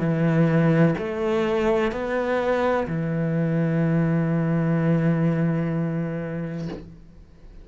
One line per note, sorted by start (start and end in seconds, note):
0.00 0.95 E3
0.99 1.92 A3
1.92 2.87 B3
2.88 6.69 E3